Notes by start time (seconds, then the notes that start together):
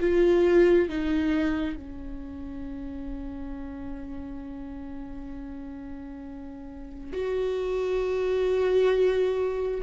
0.00 F4
0.89 D#4
1.76 C#4
7.13 F#4